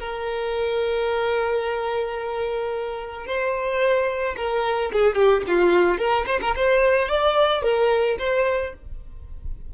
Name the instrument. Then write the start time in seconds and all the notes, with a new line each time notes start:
violin
0.00 A#4
3.27 C5
4.37 A#4
4.93 G#4
5.16 G4
5.48 F4
5.99 A#4
6.27 C5
6.42 A#4
6.56 C5
7.09 D5
7.63 A#4
8.19 C5